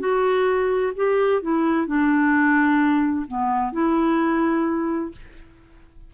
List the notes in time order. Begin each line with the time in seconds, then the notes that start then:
0.00 F#4
0.96 G4
1.42 E4
1.87 D4
3.27 B3
3.73 E4